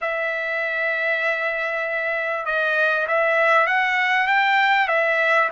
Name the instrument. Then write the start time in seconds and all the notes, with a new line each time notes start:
trumpet
0.01 E5
2.45 D#5
3.08 E5
3.66 F#5
4.27 G5
4.88 E5